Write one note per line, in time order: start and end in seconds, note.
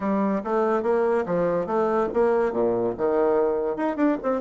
0.00 0.42 G3
0.44 0.82 A3
0.82 1.24 A#3
1.26 1.66 F3
1.66 2.08 A3
2.13 2.52 A#3
2.52 2.94 A#2
2.97 3.76 D#3
3.76 3.96 D#4
3.96 4.17 D4
4.22 4.41 C4